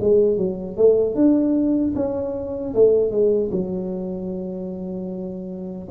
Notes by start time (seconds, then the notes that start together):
0.00 G#3
0.37 F#3
0.77 A3
1.15 D4
1.96 C#4
2.74 A3
3.11 G#3
3.51 F#3